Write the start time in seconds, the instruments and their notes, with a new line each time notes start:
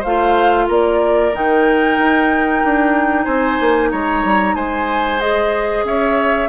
0.00 bassoon A3, oboe C5, flute F5
0.06 clarinet F4
0.69 bassoon A#3, oboe A#4, flute D5
1.33 bassoon D#3, clarinet D#4, flute G5
1.98 bassoon D#4
2.65 bassoon D4
3.24 bassoon C4, oboe C5, flute G#5
3.61 bassoon A#3
3.92 bassoon G#3, oboe C#5, flute A#5
4.24 bassoon G3
4.55 bassoon G#3, oboe C5, flute G#5
5.20 clarinet G#4, flute D#5
5.84 bassoon C#4, oboe C#5, flute E5